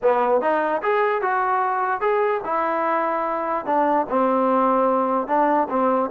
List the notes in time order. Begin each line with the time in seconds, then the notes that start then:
0.02 B3
0.41 D#4
0.82 G#4
1.21 F#4
2.00 G#4
2.44 E4
3.65 D4
4.09 C4
5.27 D4
5.69 C4